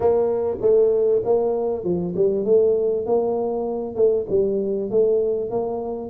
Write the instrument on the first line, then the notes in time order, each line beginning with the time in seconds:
tuba
0.00 A#3
0.61 A3
1.24 A#3
1.84 F3
2.15 G3
2.44 A3
3.06 A#3
3.95 A3
4.29 G3
4.90 A3
5.50 A#3